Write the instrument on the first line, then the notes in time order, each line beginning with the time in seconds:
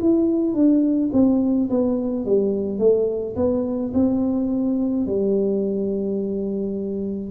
tuba
0.00 E4
0.54 D4
1.12 C4
1.69 B3
2.25 G3
2.78 A3
3.36 B3
3.94 C4
5.06 G3